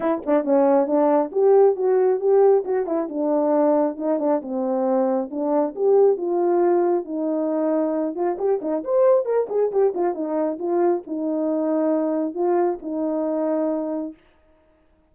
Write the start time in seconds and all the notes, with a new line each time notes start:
0.00 E4
0.25 D4
0.44 C#4
0.86 D4
1.31 G4
1.76 F#4
2.19 G4
2.64 F#4
2.86 E4
3.08 D4
3.97 D#4
4.19 D4
4.41 C4
5.30 D4
5.75 G4
6.17 F4
7.05 D#4
8.15 F4
8.38 G4
8.61 D#4
8.84 C5
9.25 A#4
9.49 G#4
9.71 G4
9.94 F4
10.14 D#4
10.58 F4
11.06 D#4
12.34 F4
12.81 D#4